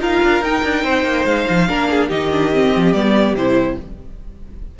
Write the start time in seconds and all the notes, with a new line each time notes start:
0.00 D#4 F4 A#4 F5
0.22 D4
0.40 D#4 G5
0.63 D4
0.83 C4 C5
1.03 A#3
1.25 G#3 F5
1.49 F3
1.67 A#3 D4 A#4
1.90 G#4
2.08 D#3 D#4 G4 D#5
2.31 D4
2.53 C4
2.76 F3
2.92 G3 B3 D5
3.33 C3 E4 C5